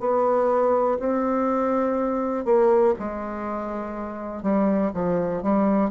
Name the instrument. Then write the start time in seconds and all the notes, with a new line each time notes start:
bassoon
0.00 B3
1.00 C4
2.45 A#3
2.99 G#3
4.43 G3
4.94 F3
5.43 G3